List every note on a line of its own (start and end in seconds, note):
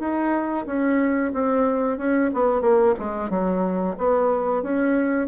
0.00 0.66 D#4
0.67 1.33 C#4
1.34 1.98 C4
1.98 2.31 C#4
2.34 2.62 B3
2.62 2.95 A#3
3.00 3.31 G#3
3.31 3.97 F#3
3.98 4.63 B3
4.63 5.28 C#4